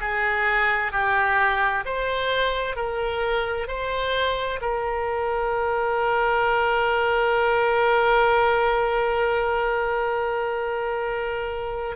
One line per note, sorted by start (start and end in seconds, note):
0.00 0.92 G#4
0.92 1.84 G4
1.85 2.76 C5
2.76 3.68 A#4
3.68 4.60 C5
4.61 11.96 A#4